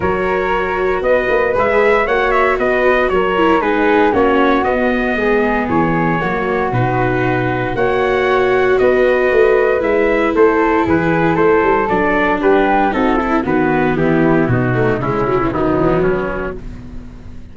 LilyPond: <<
  \new Staff \with { instrumentName = "trumpet" } { \time 4/4 \tempo 4 = 116 cis''2 dis''4 e''4 | fis''8 e''8 dis''4 cis''4 b'4 | cis''4 dis''2 cis''4~ | cis''4 b'2 fis''4~ |
fis''4 dis''2 e''4 | c''4 b'4 c''4 d''4 | b'4 a'4 b'4 g'4 | fis'4 e'4 dis'4 cis'4 | }
  \new Staff \with { instrumentName = "flute" } { \time 4/4 ais'2 b'2 | cis''4 b'4 ais'4 gis'4 | fis'2 gis'2 | fis'2. cis''4~ |
cis''4 b'2. | a'4 gis'4 a'2 | g'4 fis'8 e'8 fis'4 e'4 | dis'4 cis'4 b2 | }
  \new Staff \with { instrumentName = "viola" } { \time 4/4 fis'2. gis'4 | fis'2~ fis'8 e'8 dis'4 | cis'4 b2. | ais4 dis'2 fis'4~ |
fis'2. e'4~ | e'2. d'4~ | d'4 dis'8 e'8 b2~ | b8 a8 gis8 fis16 e16 fis2 | }
  \new Staff \with { instrumentName = "tuba" } { \time 4/4 fis2 b8 ais8 gis4 | ais4 b4 fis4 gis4 | ais4 b4 gis4 e4 | fis4 b,2 ais4~ |
ais4 b4 a4 gis4 | a4 e4 a8 g8 fis4 | g4 c'4 dis4 e4 | b,4 cis4 dis8 e8 fis4 | }
>>